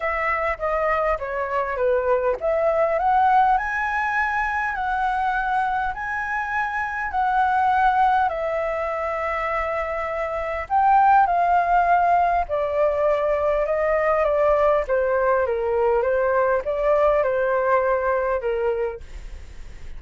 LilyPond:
\new Staff \with { instrumentName = "flute" } { \time 4/4 \tempo 4 = 101 e''4 dis''4 cis''4 b'4 | e''4 fis''4 gis''2 | fis''2 gis''2 | fis''2 e''2~ |
e''2 g''4 f''4~ | f''4 d''2 dis''4 | d''4 c''4 ais'4 c''4 | d''4 c''2 ais'4 | }